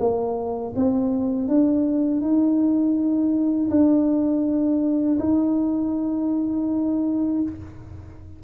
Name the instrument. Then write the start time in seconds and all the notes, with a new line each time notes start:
tuba
0.00 A#3
0.76 C4
1.48 D4
2.22 D#4
3.70 D4
5.20 D#4